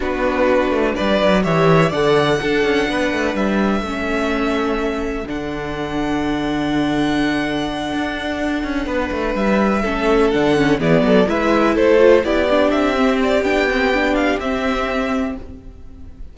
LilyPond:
<<
  \new Staff \with { instrumentName = "violin" } { \time 4/4 \tempo 4 = 125 b'2 d''4 e''4 | fis''2. e''4~ | e''2. fis''4~ | fis''1~ |
fis''2.~ fis''8 e''8~ | e''4. fis''4 d''4 e''8~ | e''8 c''4 d''4 e''4 d''8 | g''4. f''8 e''2 | }
  \new Staff \with { instrumentName = "violin" } { \time 4/4 fis'2 b'4 cis''4 | d''4 a'4 b'2 | a'1~ | a'1~ |
a'2~ a'8 b'4.~ | b'8 a'2 gis'8 a'8 b'8~ | b'8 a'4 g'2~ g'8~ | g'1 | }
  \new Staff \with { instrumentName = "viola" } { \time 4/4 d'2. g'4 | a'4 d'2. | cis'2. d'4~ | d'1~ |
d'1~ | d'8 cis'4 d'8 cis'8 b4 e'8~ | e'4 f'8 e'8 d'4 c'4 | d'8 c'8 d'4 c'2 | }
  \new Staff \with { instrumentName = "cello" } { \time 4/4 b4. a8 g8 fis8 e4 | d4 d'8 cis'8 b8 a8 g4 | a2. d4~ | d1~ |
d8 d'4. cis'8 b8 a8 g8~ | g8 a4 d4 e8 fis8 gis8~ | gis8 a4 b4 c'4. | b2 c'2 | }
>>